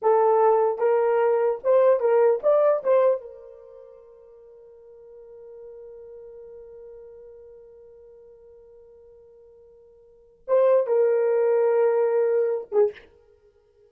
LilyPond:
\new Staff \with { instrumentName = "horn" } { \time 4/4 \tempo 4 = 149 a'2 ais'2 | c''4 ais'4 d''4 c''4 | ais'1~ | ais'1~ |
ais'1~ | ais'1~ | ais'2 c''4 ais'4~ | ais'2.~ ais'8 gis'8 | }